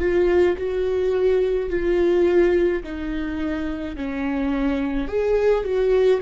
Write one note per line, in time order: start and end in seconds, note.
0.00 0.57 F4
0.58 1.70 F#4
1.70 2.83 F4
2.84 3.96 D#4
3.96 5.08 C#4
5.08 5.64 G#4
5.64 6.21 F#4